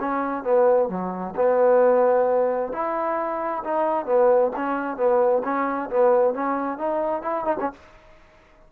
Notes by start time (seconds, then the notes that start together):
0.00 C#4
0.43 B3
0.89 F#3
1.36 B3
2.72 E4
3.64 D#4
4.06 B3
4.56 C#4
4.97 B3
5.44 C#4
5.90 B3
6.34 C#4
6.78 D#4
7.22 E4
7.45 D#4
7.60 C#4